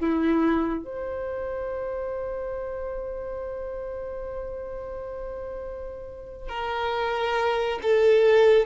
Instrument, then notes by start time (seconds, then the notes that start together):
violin
0.00 E4
0.84 C5
6.49 A#4
7.83 A4